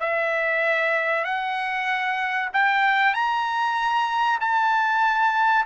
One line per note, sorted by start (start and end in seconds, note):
0.00 1.24 E5
1.24 2.49 F#5
2.53 3.14 G5
3.14 4.39 A#5
4.40 5.65 A5